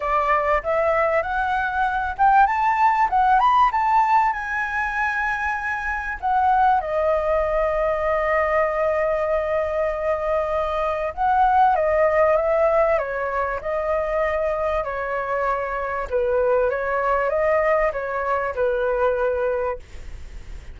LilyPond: \new Staff \with { instrumentName = "flute" } { \time 4/4 \tempo 4 = 97 d''4 e''4 fis''4. g''8 | a''4 fis''8 b''8 a''4 gis''4~ | gis''2 fis''4 dis''4~ | dis''1~ |
dis''2 fis''4 dis''4 | e''4 cis''4 dis''2 | cis''2 b'4 cis''4 | dis''4 cis''4 b'2 | }